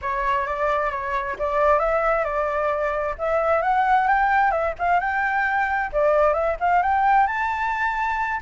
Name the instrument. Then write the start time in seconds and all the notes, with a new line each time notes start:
flute
0.01 C#5
0.46 D5
0.90 C#5
1.38 D5
1.79 E5
2.24 D5
3.18 E5
3.62 F#5
4.07 G5
4.51 E5
4.78 F5
5.00 G5
5.92 D5
6.33 E5
6.60 F5
6.82 G5
7.26 A5